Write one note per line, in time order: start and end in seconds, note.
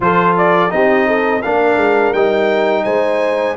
0.00 0.71 F3
0.00 0.69 F4
0.00 0.73 A4
0.00 0.37 C5
0.37 0.71 D5
0.69 1.44 C4
0.69 1.41 D#4
0.69 1.06 G4
0.69 1.42 D#5
1.06 1.42 A4
1.42 1.76 A#3
1.42 2.14 D4
1.42 2.84 A#4
1.42 2.13 F5
1.76 2.12 G#3
2.13 2.84 G3
2.13 3.56 D#4
2.13 2.84 G5
2.84 3.56 G#3
2.84 3.56 C5
2.84 3.55 G#5